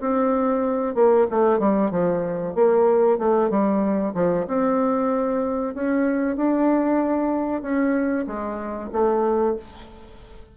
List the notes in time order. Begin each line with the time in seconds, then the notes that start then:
0.00 C4
0.95 A#3
1.30 A3
1.59 G3
1.91 F3
2.54 A#3
3.18 A3
3.50 G3
4.14 F3
4.47 C4
5.74 C#4
6.36 D4
7.62 C#4
8.26 G#3
8.92 A3